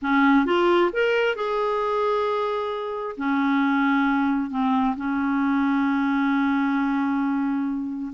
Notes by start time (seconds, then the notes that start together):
0.02 C#4
0.45 F4
0.92 A#4
1.35 G#4
3.17 C#4
4.50 C4
4.96 C#4